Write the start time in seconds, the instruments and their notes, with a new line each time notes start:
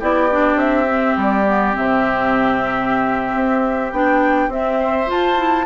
0.00 bassoon B3, clarinet E4, oboe G4, flute D5
0.31 clarinet D4
0.56 bassoon C4, flute E5
0.87 clarinet C4
1.17 bassoon G3, flute D5
1.47 clarinet B3
1.73 bassoon C3, clarinet C4, flute E5
3.35 bassoon C4
3.92 bassoon B3, clarinet D4, flute G5
4.48 bassoon C4, clarinet C4, flute E5
4.80 oboe C5
5.07 clarinet F4, bassoon F4, flute A5
5.36 clarinet E4